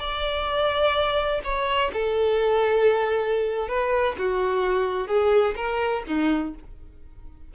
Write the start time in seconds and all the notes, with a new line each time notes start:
0.00 D5
1.44 C#5
1.93 A4
3.69 B4
4.19 F#4
5.08 G#4
5.56 A#4
6.08 D#4